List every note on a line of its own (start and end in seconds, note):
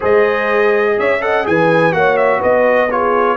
0.00 0.99 G#3
0.00 1.19 G#4
0.00 0.94 C5
0.00 0.99 D#5
0.98 1.47 C#4
0.98 1.22 C#5
0.98 1.21 E5
1.20 1.43 A4
1.20 1.46 D#5
1.20 1.46 F#5
1.43 1.93 E3
1.43 1.92 G#4
1.43 1.96 B4
1.43 1.92 G#5
1.92 2.41 A#3
1.92 2.89 F#4
1.92 2.38 C#5
1.92 2.16 F#5
2.16 2.41 E5
2.38 3.36 B3
2.38 2.87 B4
2.38 2.91 D#5
2.90 3.36 F4
2.90 3.36 G#4
2.90 3.36 C#5